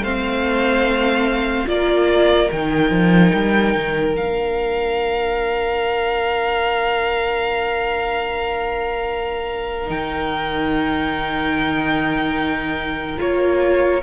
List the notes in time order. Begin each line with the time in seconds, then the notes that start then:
0.00 A3 C4 C5 F5
1.66 A#3 F4 A#4 D5
2.51 D#3 D#4 G5
2.90 F3
3.34 G3
3.75 D#3
4.14 A#3 D4 F5
9.86 D#3 D#4 G5
13.17 A#3 F4 C#5